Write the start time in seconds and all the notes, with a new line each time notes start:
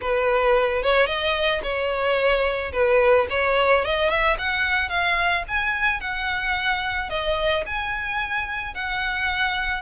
0.01 B4
0.82 C#5
1.06 D#5
1.63 C#5
2.72 B4
3.30 C#5
3.85 D#5
4.09 E5
4.38 F#5
4.89 F5
5.47 G#5
6.00 F#5
7.09 D#5
7.66 G#5
8.74 F#5